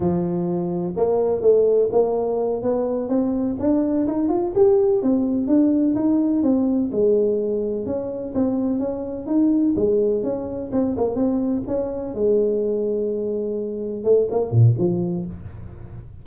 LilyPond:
\new Staff \with { instrumentName = "tuba" } { \time 4/4 \tempo 4 = 126 f2 ais4 a4 | ais4. b4 c'4 d'8~ | d'8 dis'8 f'8 g'4 c'4 d'8~ | d'8 dis'4 c'4 gis4.~ |
gis8 cis'4 c'4 cis'4 dis'8~ | dis'8 gis4 cis'4 c'8 ais8 c'8~ | c'8 cis'4 gis2~ gis8~ | gis4. a8 ais8 ais,8 f4 | }